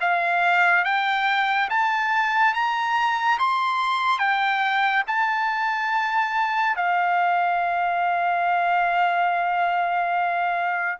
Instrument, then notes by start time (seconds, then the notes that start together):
trumpet
0.00 F5
0.84 G5
1.69 A5
2.54 A#5
3.39 C6
4.19 G5
5.07 A5
6.76 F5